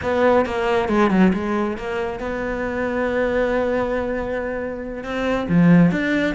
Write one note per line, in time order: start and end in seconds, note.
0.02 0.45 B3
0.45 0.88 A#3
0.88 1.10 G#3
1.10 1.32 F#3
1.33 1.77 G#3
1.77 2.19 A#3
2.19 5.03 B3
5.03 5.47 C4
5.48 5.91 F3
5.91 6.34 D4